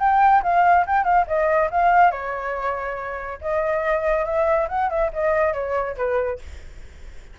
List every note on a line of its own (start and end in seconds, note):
0.00 0.43 G5
0.43 0.86 F5
0.87 1.04 G5
1.04 1.26 F5
1.27 1.70 D#5
1.71 2.12 F5
2.12 3.39 C#5
3.41 4.26 D#5
4.26 4.68 E5
4.69 4.90 F#5
4.90 5.11 E5
5.13 5.54 D#5
5.54 5.96 C#5
5.97 6.40 B4